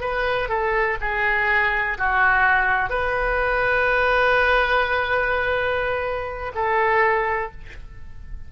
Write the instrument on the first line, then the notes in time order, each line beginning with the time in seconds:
oboe
0.00 B4
0.49 A4
1.00 G#4
1.98 F#4
2.89 B4
6.55 A4